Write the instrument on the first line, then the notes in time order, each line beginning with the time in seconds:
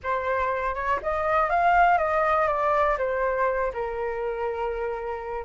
flute
0.03 C5
0.74 C#5
1.02 D#5
1.49 F5
1.97 D#5
2.47 D5
2.98 C5
3.73 A#4